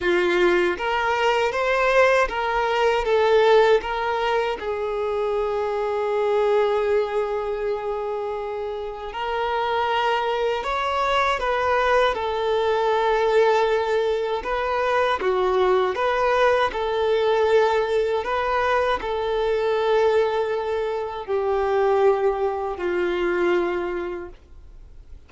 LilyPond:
\new Staff \with { instrumentName = "violin" } { \time 4/4 \tempo 4 = 79 f'4 ais'4 c''4 ais'4 | a'4 ais'4 gis'2~ | gis'1 | ais'2 cis''4 b'4 |
a'2. b'4 | fis'4 b'4 a'2 | b'4 a'2. | g'2 f'2 | }